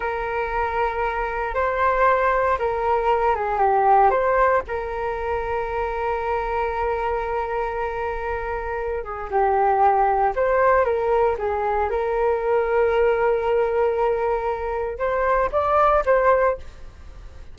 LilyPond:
\new Staff \with { instrumentName = "flute" } { \time 4/4 \tempo 4 = 116 ais'2. c''4~ | c''4 ais'4. gis'8 g'4 | c''4 ais'2.~ | ais'1~ |
ais'4. gis'8 g'2 | c''4 ais'4 gis'4 ais'4~ | ais'1~ | ais'4 c''4 d''4 c''4 | }